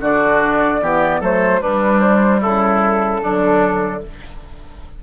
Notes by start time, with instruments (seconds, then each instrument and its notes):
0.00 bassoon D3, clarinet D4, oboe F#4, flute D5
0.82 bassoon E3, clarinet B3, oboe G4
1.20 bassoon F#3, clarinet A3, oboe A4, flute C5
1.59 clarinet G3, bassoon G3, oboe D4, flute B4
2.01 flute C5
2.41 bassoon C#3, oboe E4, flute A4
3.22 bassoon D3, clarinet F#3, oboe D4